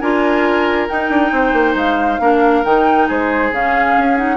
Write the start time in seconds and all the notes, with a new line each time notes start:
0.00 D4 F4 A#4 G#5
0.88 D#4 G5
1.10 D4
1.32 C4 C5
1.53 A#3
1.76 G#3 F5
2.20 A#3 D4 A#4
2.65 D#3 D#4 G5
3.08 G#3 G#4 C5
3.52 C#3 C#4 F5
3.98 C#4
4.17 D#4 F#5